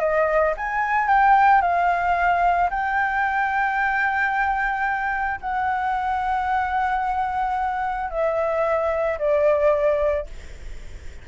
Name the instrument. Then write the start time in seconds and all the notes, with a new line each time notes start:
flute
0.00 D#5
0.57 G#5
1.08 G5
1.62 F5
2.71 G5
5.41 F#5
8.11 E5
9.19 D5